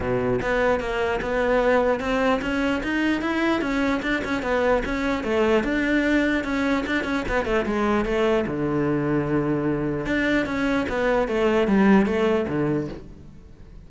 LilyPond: \new Staff \with { instrumentName = "cello" } { \time 4/4 \tempo 4 = 149 b,4 b4 ais4 b4~ | b4 c'4 cis'4 dis'4 | e'4 cis'4 d'8 cis'8 b4 | cis'4 a4 d'2 |
cis'4 d'8 cis'8 b8 a8 gis4 | a4 d2.~ | d4 d'4 cis'4 b4 | a4 g4 a4 d4 | }